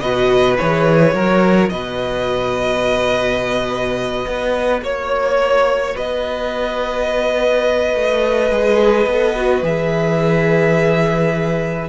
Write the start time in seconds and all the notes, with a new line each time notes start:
0.00 B2 F#4 B4 D#5
0.58 E3 G#4 C#5
1.14 F#3 F#4 A#4
1.70 B2 B4 D#5
4.27 B3
4.82 A#3 C#5
5.95 B3 B4 D#5
7.95 A3
8.51 G#3 G#4
9.07 B3 A4
9.37 F#4
9.62 E3 G#4 E5